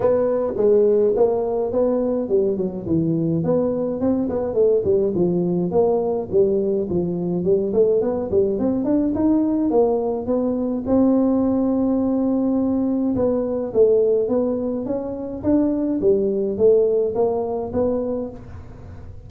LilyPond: \new Staff \with { instrumentName = "tuba" } { \time 4/4 \tempo 4 = 105 b4 gis4 ais4 b4 | g8 fis8 e4 b4 c'8 b8 | a8 g8 f4 ais4 g4 | f4 g8 a8 b8 g8 c'8 d'8 |
dis'4 ais4 b4 c'4~ | c'2. b4 | a4 b4 cis'4 d'4 | g4 a4 ais4 b4 | }